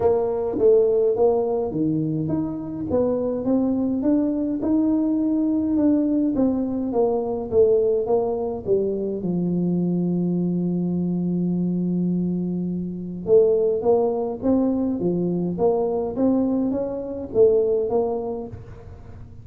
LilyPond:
\new Staff \with { instrumentName = "tuba" } { \time 4/4 \tempo 4 = 104 ais4 a4 ais4 dis4 | dis'4 b4 c'4 d'4 | dis'2 d'4 c'4 | ais4 a4 ais4 g4 |
f1~ | f2. a4 | ais4 c'4 f4 ais4 | c'4 cis'4 a4 ais4 | }